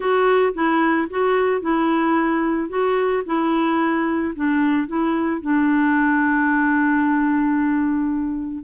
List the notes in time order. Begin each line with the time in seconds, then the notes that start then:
0.00 F#4
0.54 E4
1.10 F#4
1.61 E4
2.69 F#4
3.26 E4
4.35 D4
4.87 E4
5.41 D4